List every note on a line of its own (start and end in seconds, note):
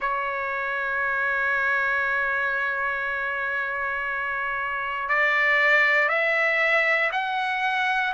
0.00 5.08 C#5
5.08 6.08 D5
6.08 7.10 E5
7.12 8.14 F#5